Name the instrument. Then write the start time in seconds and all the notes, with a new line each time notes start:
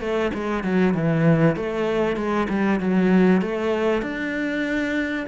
cello
0.00 A3
0.34 G#3
0.63 F#3
0.94 E3
1.55 A3
2.16 G#3
2.49 G3
2.80 F#3
3.41 A3
4.01 D4